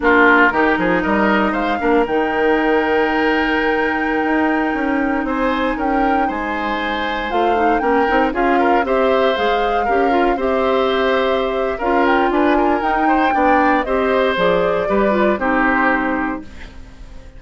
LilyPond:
<<
  \new Staff \with { instrumentName = "flute" } { \time 4/4 \tempo 4 = 117 ais'2 dis''4 f''4 | g''1~ | g''2~ g''16 gis''4 g''8.~ | g''16 gis''2 f''4 g''8.~ |
g''16 f''4 e''4 f''4.~ f''16~ | f''16 e''2~ e''8. f''8 g''8 | gis''4 g''2 dis''4 | d''2 c''2 | }
  \new Staff \with { instrumentName = "oboe" } { \time 4/4 f'4 g'8 gis'8 ais'4 c''8 ais'8~ | ais'1~ | ais'2~ ais'16 c''4 ais'8.~ | ais'16 c''2. ais'8.~ |
ais'16 gis'8 ais'8 c''2 ais'8.~ | ais'16 c''2~ c''8. ais'4 | b'8 ais'4 c''8 d''4 c''4~ | c''4 b'4 g'2 | }
  \new Staff \with { instrumentName = "clarinet" } { \time 4/4 d'4 dis'2~ dis'8 d'8 | dis'1~ | dis'1~ | dis'2~ dis'16 f'8 dis'8 cis'8 dis'16~ |
dis'16 f'4 g'4 gis'4 g'8 f'16~ | f'16 g'2~ g'8. f'4~ | f'4 dis'4 d'4 g'4 | gis'4 g'8 f'8 dis'2 | }
  \new Staff \with { instrumentName = "bassoon" } { \time 4/4 ais4 dis8 f8 g4 gis8 ais8 | dis1~ | dis16 dis'4 cis'4 c'4 cis'8.~ | cis'16 gis2 a4 ais8 c'16~ |
c'16 cis'4 c'4 gis4 cis'8.~ | cis'16 c'2~ c'8. cis'4 | d'4 dis'4 b4 c'4 | f4 g4 c'2 | }
>>